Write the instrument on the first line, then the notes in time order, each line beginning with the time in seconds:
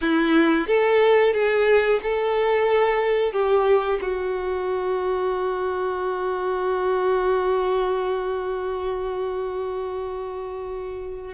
violin
0.01 E4
0.67 A4
1.33 G#4
2.02 A4
3.32 G4
4.02 F#4